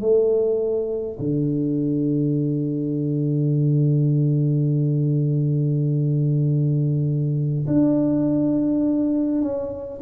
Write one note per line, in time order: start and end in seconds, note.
0.00 1.18 A3
1.19 7.66 D3
7.67 9.42 D4
9.42 10.01 C#4